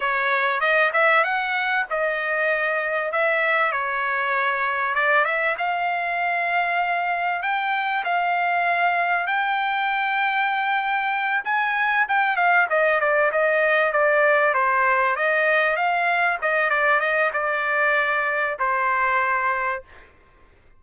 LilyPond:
\new Staff \with { instrumentName = "trumpet" } { \time 4/4 \tempo 4 = 97 cis''4 dis''8 e''8 fis''4 dis''4~ | dis''4 e''4 cis''2 | d''8 e''8 f''2. | g''4 f''2 g''4~ |
g''2~ g''8 gis''4 g''8 | f''8 dis''8 d''8 dis''4 d''4 c''8~ | c''8 dis''4 f''4 dis''8 d''8 dis''8 | d''2 c''2 | }